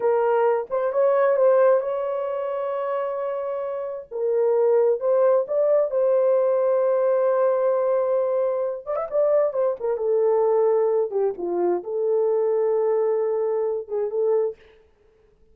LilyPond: \new Staff \with { instrumentName = "horn" } { \time 4/4 \tempo 4 = 132 ais'4. c''8 cis''4 c''4 | cis''1~ | cis''4 ais'2 c''4 | d''4 c''2.~ |
c''2.~ c''8 d''16 e''16 | d''4 c''8 ais'8 a'2~ | a'8 g'8 f'4 a'2~ | a'2~ a'8 gis'8 a'4 | }